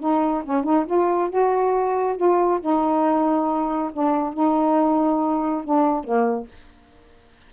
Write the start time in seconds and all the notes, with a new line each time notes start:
0.00 D#4
0.45 C#4
0.64 D#4
0.87 F4
1.30 F#4
2.17 F4
2.61 D#4
3.93 D4
4.34 D#4
5.65 D4
6.04 A#3